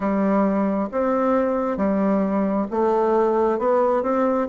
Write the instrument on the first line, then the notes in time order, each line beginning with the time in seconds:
bassoon
0.00 G3
0.91 C4
1.77 G3
2.71 A3
3.58 B3
4.02 C4